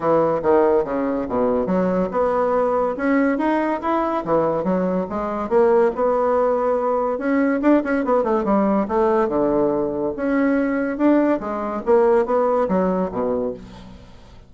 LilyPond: \new Staff \with { instrumentName = "bassoon" } { \time 4/4 \tempo 4 = 142 e4 dis4 cis4 b,4 | fis4 b2 cis'4 | dis'4 e'4 e4 fis4 | gis4 ais4 b2~ |
b4 cis'4 d'8 cis'8 b8 a8 | g4 a4 d2 | cis'2 d'4 gis4 | ais4 b4 fis4 b,4 | }